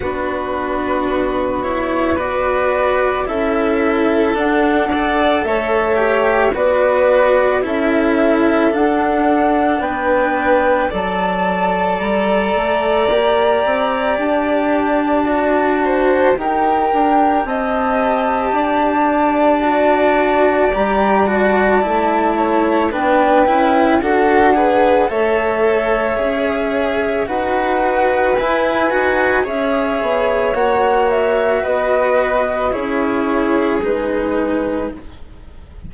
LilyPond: <<
  \new Staff \with { instrumentName = "flute" } { \time 4/4 \tempo 4 = 55 b'4. cis''8 d''4 e''4 | fis''4 e''4 d''4 e''4 | fis''4 g''4 a''4 ais''4~ | ais''4 a''2 g''4 |
a''2. ais''8 a''8~ | a''4 g''4 fis''4 e''4~ | e''4 fis''4 gis''4 e''4 | fis''8 e''8 dis''4 cis''4 b'4 | }
  \new Staff \with { instrumentName = "violin" } { \time 4/4 fis'2 b'4 a'4~ | a'8 d''8 cis''4 b'4 a'4~ | a'4 b'4 d''2~ | d''2~ d''8 c''8 ais'4 |
dis''4 d''2.~ | d''8 cis''8 b'4 a'8 b'8 cis''4~ | cis''4 b'2 cis''4~ | cis''4 b'4 gis'2 | }
  \new Staff \with { instrumentName = "cello" } { \time 4/4 d'4. e'8 fis'4 e'4 | d'8 a'4 g'8 fis'4 e'4 | d'2 a'2 | g'2 fis'4 g'4~ |
g'2 fis'4 g'8 fis'8 | e'4 d'8 e'8 fis'8 gis'8 a'4 | gis'4 fis'4 e'8 fis'8 gis'4 | fis'2 e'4 dis'4 | }
  \new Staff \with { instrumentName = "bassoon" } { \time 4/4 b2. cis'4 | d'4 a4 b4 cis'4 | d'4 b4 fis4 g8 a8 | ais8 c'8 d'2 dis'8 d'8 |
c'4 d'2 g4 | a4 b8 cis'8 d'4 a4 | cis'4 dis'4 e'8 dis'8 cis'8 b8 | ais4 b4 cis'4 gis4 | }
>>